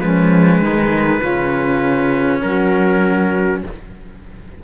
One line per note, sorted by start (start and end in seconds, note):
0.00 0.60 F3
0.00 1.21 G#3
0.00 0.61 C#4
0.00 2.40 B4
0.60 1.20 D#3
0.60 1.20 D#4
1.20 2.41 C#3
1.20 3.62 C#4
1.20 2.40 F4
2.42 3.63 F#3
2.42 3.63 F#4
2.42 3.62 A#4